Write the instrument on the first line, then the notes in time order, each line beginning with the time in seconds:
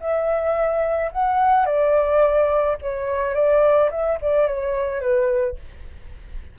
flute
0.00 E5
1.12 F#5
1.66 D5
2.81 C#5
3.34 D5
3.90 E5
4.21 D5
4.47 C#5
5.01 B4